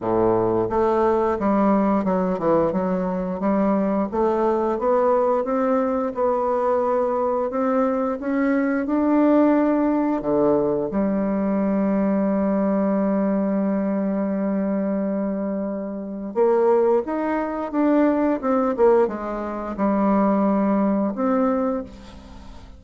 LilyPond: \new Staff \with { instrumentName = "bassoon" } { \time 4/4 \tempo 4 = 88 a,4 a4 g4 fis8 e8 | fis4 g4 a4 b4 | c'4 b2 c'4 | cis'4 d'2 d4 |
g1~ | g1 | ais4 dis'4 d'4 c'8 ais8 | gis4 g2 c'4 | }